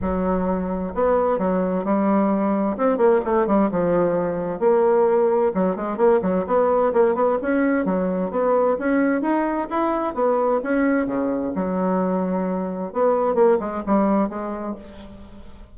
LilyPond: \new Staff \with { instrumentName = "bassoon" } { \time 4/4 \tempo 4 = 130 fis2 b4 fis4 | g2 c'8 ais8 a8 g8 | f2 ais2 | fis8 gis8 ais8 fis8 b4 ais8 b8 |
cis'4 fis4 b4 cis'4 | dis'4 e'4 b4 cis'4 | cis4 fis2. | b4 ais8 gis8 g4 gis4 | }